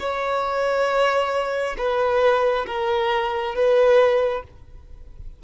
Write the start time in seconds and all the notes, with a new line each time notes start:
0.00 C#5
1.78 B4
2.67 A#4
3.55 B4